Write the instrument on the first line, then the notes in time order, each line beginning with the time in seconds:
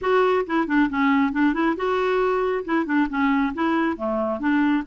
clarinet
0.01 F#4
0.46 E4
0.67 D4
0.89 C#4
1.32 D4
1.53 E4
1.76 F#4
2.64 E4
2.85 D4
3.09 C#4
3.53 E4
3.96 A3
4.39 D4